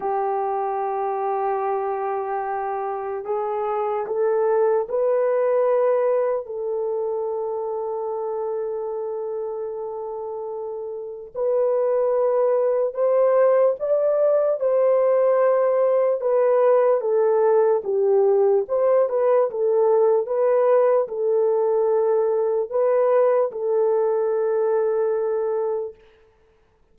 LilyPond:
\new Staff \with { instrumentName = "horn" } { \time 4/4 \tempo 4 = 74 g'1 | gis'4 a'4 b'2 | a'1~ | a'2 b'2 |
c''4 d''4 c''2 | b'4 a'4 g'4 c''8 b'8 | a'4 b'4 a'2 | b'4 a'2. | }